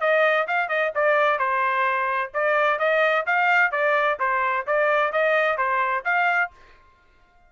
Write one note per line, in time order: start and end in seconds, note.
0.00 0.47 D#5
0.47 0.68 F5
0.68 0.91 D#5
0.95 1.38 D5
1.38 2.31 C5
2.33 2.78 D5
2.78 3.25 D#5
3.26 3.71 F5
3.71 4.18 D5
4.19 4.66 C5
4.66 5.12 D5
5.12 5.57 D#5
5.57 6.04 C5
6.04 6.51 F5